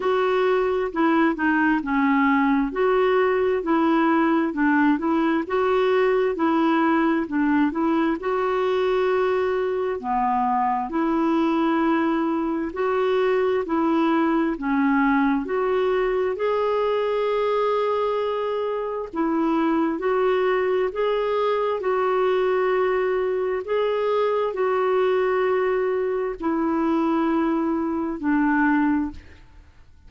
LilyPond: \new Staff \with { instrumentName = "clarinet" } { \time 4/4 \tempo 4 = 66 fis'4 e'8 dis'8 cis'4 fis'4 | e'4 d'8 e'8 fis'4 e'4 | d'8 e'8 fis'2 b4 | e'2 fis'4 e'4 |
cis'4 fis'4 gis'2~ | gis'4 e'4 fis'4 gis'4 | fis'2 gis'4 fis'4~ | fis'4 e'2 d'4 | }